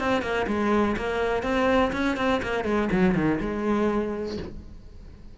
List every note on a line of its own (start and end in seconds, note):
0.00 0.23 C4
0.23 0.47 A#3
0.48 0.96 G#3
0.97 1.43 A#3
1.43 1.92 C4
1.93 2.17 C#4
2.17 2.42 C4
2.43 2.65 A#3
2.65 2.89 G#3
2.92 3.15 F#3
3.15 3.40 D#3
3.41 4.38 G#3